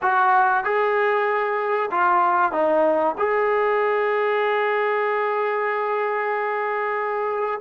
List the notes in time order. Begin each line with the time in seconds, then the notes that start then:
0.01 F#4
0.63 G#4
1.91 F4
2.51 D#4
3.18 G#4